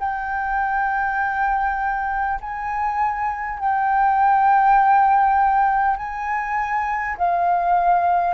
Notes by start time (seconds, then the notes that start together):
0.00 G5
2.41 G#5
3.60 G5
5.97 G#5
7.18 F5